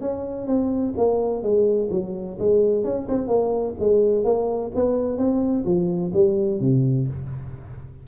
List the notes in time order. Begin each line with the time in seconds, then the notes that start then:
0.00 C#4
0.47 C4
0.97 A#3
1.42 G#3
1.90 F#3
2.39 G#3
2.84 C#4
3.08 C4
3.27 A#3
3.79 G#3
4.24 A#3
4.75 B3
5.18 C4
5.65 F3
6.13 G3
6.60 C3